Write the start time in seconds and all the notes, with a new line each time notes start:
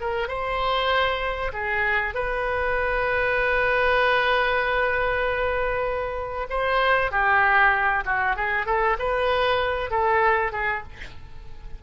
0.00 A#4
0.28 C5
1.52 G#4
2.14 B4
6.49 C5
7.10 G4
8.05 F#4
8.36 G#4
8.65 A4
8.98 B4
9.90 A4
10.52 G#4